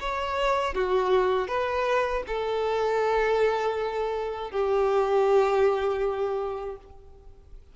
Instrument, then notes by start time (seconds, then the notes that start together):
violin
0.00 C#5
0.74 F#4
1.48 B4
2.27 A4
4.51 G4